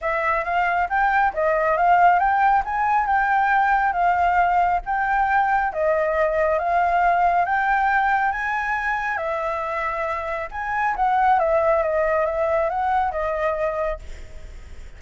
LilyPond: \new Staff \with { instrumentName = "flute" } { \time 4/4 \tempo 4 = 137 e''4 f''4 g''4 dis''4 | f''4 g''4 gis''4 g''4~ | g''4 f''2 g''4~ | g''4 dis''2 f''4~ |
f''4 g''2 gis''4~ | gis''4 e''2. | gis''4 fis''4 e''4 dis''4 | e''4 fis''4 dis''2 | }